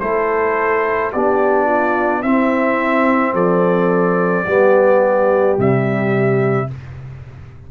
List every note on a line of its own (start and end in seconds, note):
0.00 1.13 A3
0.00 1.12 E4
0.00 1.12 A4
0.00 1.11 C5
1.12 2.23 B3
1.12 2.24 D4
1.12 1.66 G4
1.12 2.22 D5
1.66 2.21 F4
2.22 3.33 C4
2.22 4.46 C4
2.22 3.33 E4
2.22 3.34 E5
3.33 4.44 F3
3.33 4.44 A4
3.33 5.57 D5
4.44 5.57 G3
4.44 5.57 B3
4.44 6.67 G4
5.57 6.69 C3
5.57 6.68 G3
5.57 6.71 E5